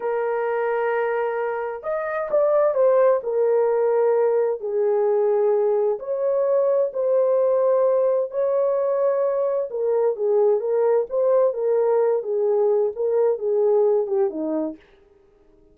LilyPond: \new Staff \with { instrumentName = "horn" } { \time 4/4 \tempo 4 = 130 ais'1 | dis''4 d''4 c''4 ais'4~ | ais'2 gis'2~ | gis'4 cis''2 c''4~ |
c''2 cis''2~ | cis''4 ais'4 gis'4 ais'4 | c''4 ais'4. gis'4. | ais'4 gis'4. g'8 dis'4 | }